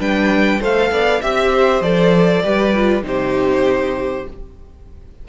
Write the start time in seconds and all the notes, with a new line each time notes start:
0.00 G3 D4 B4 G5
0.61 A3 A4 C5 F5
0.91 B3 D5
1.21 C4 G4 E5
1.52 C5
1.81 F3 A4 D5
2.44 G3 G4 B4
2.76 F4
3.03 C3 D#4 G4 C5